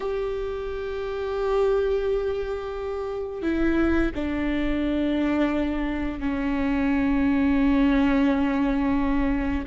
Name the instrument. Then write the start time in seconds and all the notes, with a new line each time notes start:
viola
0.00 G4
3.42 E4
4.14 D4
6.19 C#4